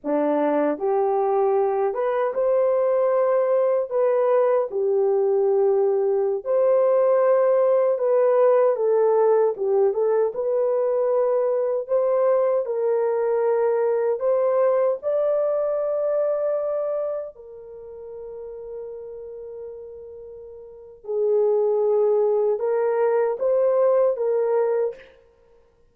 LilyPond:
\new Staff \with { instrumentName = "horn" } { \time 4/4 \tempo 4 = 77 d'4 g'4. b'8 c''4~ | c''4 b'4 g'2~ | g'16 c''2 b'4 a'8.~ | a'16 g'8 a'8 b'2 c''8.~ |
c''16 ais'2 c''4 d''8.~ | d''2~ d''16 ais'4.~ ais'16~ | ais'2. gis'4~ | gis'4 ais'4 c''4 ais'4 | }